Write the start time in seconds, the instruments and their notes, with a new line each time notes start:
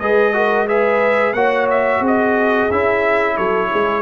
0.00 tuba G#3, trombone G#4, horn B4, trumpet D#5
0.34 trombone F#4, horn A#4
0.67 trombone G#4, horn B4, trumpet E5
1.34 tuba A#3, trombone F#4, horn C#5, trumpet F#5
1.71 trumpet E5
2.00 tuba C4, horn G#4
2.07 trumpet D#5
2.72 tuba C#4, trombone E4, trumpet E5
3.36 tuba F#3, horn A4, trumpet C#5
3.70 tuba G#3, horn G#4